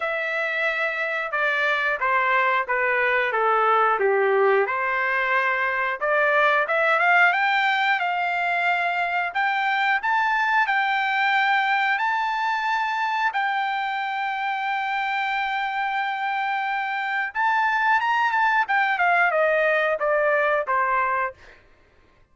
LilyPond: \new Staff \with { instrumentName = "trumpet" } { \time 4/4 \tempo 4 = 90 e''2 d''4 c''4 | b'4 a'4 g'4 c''4~ | c''4 d''4 e''8 f''8 g''4 | f''2 g''4 a''4 |
g''2 a''2 | g''1~ | g''2 a''4 ais''8 a''8 | g''8 f''8 dis''4 d''4 c''4 | }